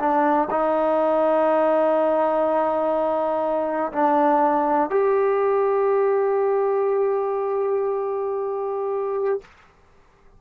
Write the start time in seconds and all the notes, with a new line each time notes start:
0.00 D4
0.51 D#4
3.93 D4
4.90 G4